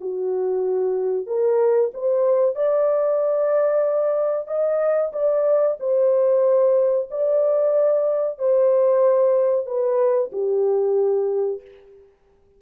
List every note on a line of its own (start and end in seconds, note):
0.00 1.26 F#4
1.26 1.91 A#4
1.94 2.55 C5
2.55 4.47 D5
4.47 5.11 D#5
5.12 5.77 D5
5.79 7.09 C5
7.10 8.38 D5
8.38 9.66 C5
9.66 10.30 B4
10.32 11.61 G4